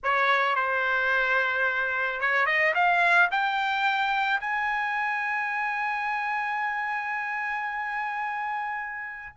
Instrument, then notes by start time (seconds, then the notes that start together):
trumpet
0.03 C#5
0.55 C5
2.20 C#5
2.45 D#5
2.74 F5
3.31 G5
4.40 G#5